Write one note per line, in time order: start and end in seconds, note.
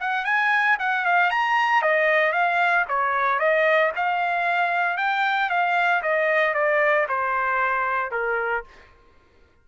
0.00 0.25 F#5
0.25 0.77 G#5
0.79 1.05 F#5
1.05 1.30 F5
1.30 1.82 A#5
1.82 2.32 D#5
2.32 2.85 F5
2.88 3.39 C#5
3.39 3.92 D#5
3.96 4.97 F5
4.97 5.49 G5
5.49 6.02 F5
6.02 6.54 D#5
6.54 7.07 D5
7.08 8.11 C5
8.11 8.64 A#4